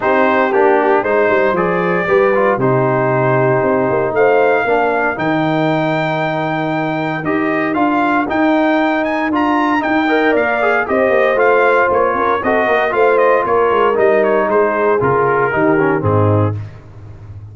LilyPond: <<
  \new Staff \with { instrumentName = "trumpet" } { \time 4/4 \tempo 4 = 116 c''4 g'4 c''4 d''4~ | d''4 c''2. | f''2 g''2~ | g''2 dis''4 f''4 |
g''4. gis''8 ais''4 g''4 | f''4 dis''4 f''4 cis''4 | dis''4 f''8 dis''8 cis''4 dis''8 cis''8 | c''4 ais'2 gis'4 | }
  \new Staff \with { instrumentName = "horn" } { \time 4/4 g'2 c''2 | b'4 g'2. | c''4 ais'2.~ | ais'1~ |
ais'2.~ ais'8 dis''8 | d''4 c''2~ c''8 ais'8 | a'8 ais'8 c''4 ais'2 | gis'2 g'4 dis'4 | }
  \new Staff \with { instrumentName = "trombone" } { \time 4/4 dis'4 d'4 dis'4 gis'4 | g'8 f'8 dis'2.~ | dis'4 d'4 dis'2~ | dis'2 g'4 f'4 |
dis'2 f'4 dis'8 ais'8~ | ais'8 gis'8 g'4 f'2 | fis'4 f'2 dis'4~ | dis'4 f'4 dis'8 cis'8 c'4 | }
  \new Staff \with { instrumentName = "tuba" } { \time 4/4 c'4 ais4 gis8 g8 f4 | g4 c2 c'8 ais8 | a4 ais4 dis2~ | dis2 dis'4 d'4 |
dis'2 d'4 dis'4 | ais4 c'8 ais8 a4 ais8 cis'8 | c'8 ais8 a4 ais8 gis8 g4 | gis4 cis4 dis4 gis,4 | }
>>